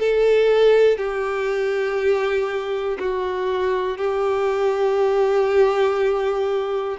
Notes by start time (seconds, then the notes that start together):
0.00 A4
0.98 G4
2.99 F#4
3.98 G4